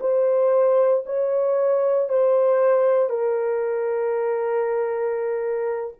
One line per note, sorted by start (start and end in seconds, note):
0.00 1.03 C5
1.05 2.08 C#5
2.08 3.09 C5
3.09 5.93 A#4